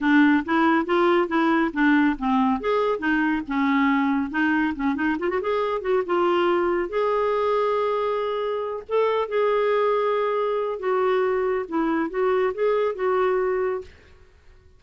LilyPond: \new Staff \with { instrumentName = "clarinet" } { \time 4/4 \tempo 4 = 139 d'4 e'4 f'4 e'4 | d'4 c'4 gis'4 dis'4 | cis'2 dis'4 cis'8 dis'8 | f'16 fis'16 gis'4 fis'8 f'2 |
gis'1~ | gis'8 a'4 gis'2~ gis'8~ | gis'4 fis'2 e'4 | fis'4 gis'4 fis'2 | }